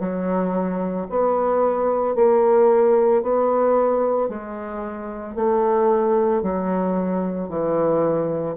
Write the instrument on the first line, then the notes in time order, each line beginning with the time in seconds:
bassoon
0.00 F#3
1.10 B3
2.16 A#3
3.23 B3
4.29 G#3
5.36 A3
6.43 F#3
7.49 E3